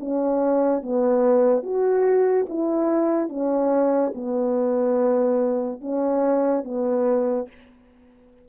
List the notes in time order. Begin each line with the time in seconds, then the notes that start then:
0.00 C#4
0.83 B3
1.63 F#4
2.49 E4
3.29 C#4
4.15 B3
5.81 C#4
6.64 B3